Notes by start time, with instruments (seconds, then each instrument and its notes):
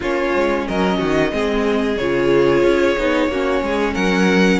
0.00 cello A#3, viola C#4, violin F4 C#5
0.34 cello G#3
0.67 cello F#3, violin A#4 D#5
0.98 cello D#3, violin F#4
1.31 cello G#3, viola C4, violin G#4
1.97 cello C#3, viola F4, violin C#5
2.63 cello C#4
2.98 cello B3, viola D#4
3.28 cello A#3, viola C#4, violin F#4
3.62 cello G#3, violin G#4
3.94 cello F#3, violin A#4 F#5